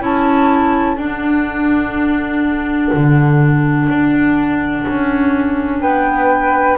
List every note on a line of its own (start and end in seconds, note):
0.00 0.97 C#4
0.00 0.97 E4
0.00 5.81 A4
0.00 0.98 A5
0.97 2.91 D4
0.97 6.78 D4
0.97 5.81 F#5
2.93 3.89 D3
3.89 4.86 D4
4.88 5.82 C#4
5.81 6.78 B3
5.81 6.78 B4
5.81 6.78 G5